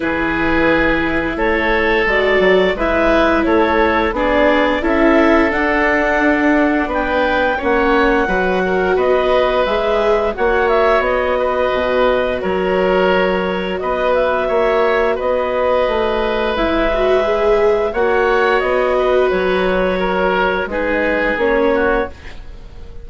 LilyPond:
<<
  \new Staff \with { instrumentName = "clarinet" } { \time 4/4 \tempo 4 = 87 b'2 cis''4 d''4 | e''4 cis''4 d''4 e''4 | fis''2 g''4 fis''4~ | fis''4 dis''4 e''4 fis''8 e''8 |
dis''2 cis''2 | dis''8 e''4. dis''2 | e''2 fis''4 dis''4 | cis''2 b'4 cis''4 | }
  \new Staff \with { instrumentName = "oboe" } { \time 4/4 gis'2 a'2 | b'4 a'4 gis'4 a'4~ | a'2 b'4 cis''4 | b'8 ais'8 b'2 cis''4~ |
cis''8 b'4. ais'2 | b'4 cis''4 b'2~ | b'2 cis''4. b'8~ | b'4 ais'4 gis'4. fis'8 | }
  \new Staff \with { instrumentName = "viola" } { \time 4/4 e'2. fis'4 | e'2 d'4 e'4 | d'2. cis'4 | fis'2 gis'4 fis'4~ |
fis'1~ | fis'1 | e'8 fis'8 gis'4 fis'2~ | fis'2 dis'4 cis'4 | }
  \new Staff \with { instrumentName = "bassoon" } { \time 4/4 e2 a4 gis8 fis8 | gis4 a4 b4 cis'4 | d'2 b4 ais4 | fis4 b4 gis4 ais4 |
b4 b,4 fis2 | b4 ais4 b4 a4 | gis2 ais4 b4 | fis2 gis4 ais4 | }
>>